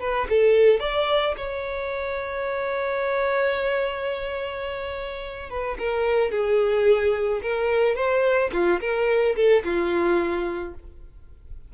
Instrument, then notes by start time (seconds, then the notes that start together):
violin
0.00 B4
0.30 A4
0.80 D5
1.37 C#5
5.50 B4
5.78 A#4
6.31 G#4
7.42 A#4
7.96 C5
8.53 F4
8.80 A#4
9.36 A4
9.64 F4